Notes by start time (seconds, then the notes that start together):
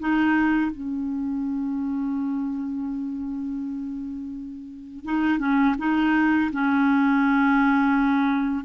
0.00 D#4
0.72 C#4
5.05 D#4
5.39 C#4
5.79 D#4
6.53 C#4